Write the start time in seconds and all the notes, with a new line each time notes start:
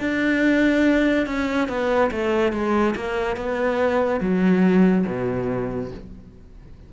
0.00 D4
1.26 C#4
1.68 B3
2.12 A3
2.53 G#3
2.96 A#3
3.37 B3
4.21 F#3
5.07 B2